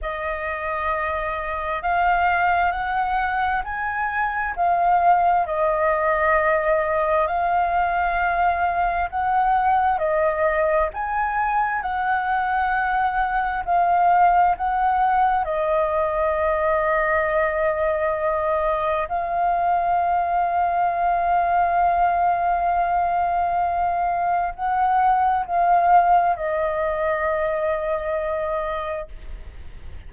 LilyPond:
\new Staff \with { instrumentName = "flute" } { \time 4/4 \tempo 4 = 66 dis''2 f''4 fis''4 | gis''4 f''4 dis''2 | f''2 fis''4 dis''4 | gis''4 fis''2 f''4 |
fis''4 dis''2.~ | dis''4 f''2.~ | f''2. fis''4 | f''4 dis''2. | }